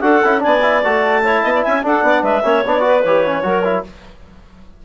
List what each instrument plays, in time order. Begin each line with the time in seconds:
0.00 bassoon D4, trombone F#4, clarinet A4 F#5
0.24 bassoon C#4, trombone E4
0.38 trombone D4, clarinet D5 G#5
0.45 bassoon B3
0.62 trombone E4
0.83 bassoon A3, trombone F#4, clarinet A5
1.23 trombone E4, clarinet C#5
1.43 bassoon B3, clarinet D#5
1.54 clarinet D5
1.62 bassoon C#4, clarinet E5 G#5
1.82 trombone D4, bassoon D4, clarinet A4 F#5
2.02 bassoon B3, clarinet D5
2.22 bassoon G#3, clarinet B4 E5
2.44 bassoon A#3, trombone C#4, clarinet C#5
2.65 bassoon B3, trombone D4, clarinet D5
2.79 trombone F#4, clarinet B4
3.03 bassoon E3, trombone G4, clarinet C#5
3.25 trombone C#4
3.42 bassoon F#3, trombone F#4, clarinet A#4
3.64 trombone E4